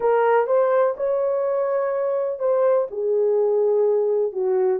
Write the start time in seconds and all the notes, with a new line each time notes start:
0.00 A#4
0.46 C5
0.96 C#5
2.39 C5
2.91 G#4
4.32 F#4